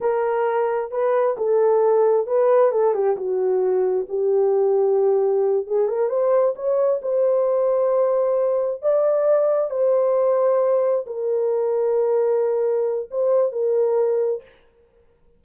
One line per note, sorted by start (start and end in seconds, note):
0.00 0.91 A#4
0.91 1.36 B4
1.37 2.26 A4
2.26 2.71 B4
2.71 2.93 A4
2.93 3.16 G4
3.16 4.07 F#4
4.08 5.66 G4
5.67 5.87 G#4
5.87 6.09 A#4
6.09 6.54 C5
6.55 7.00 C#5
7.02 8.82 C5
8.82 9.70 D5
9.70 11.05 C5
11.06 13.09 A#4
13.10 13.52 C5
13.52 14.42 A#4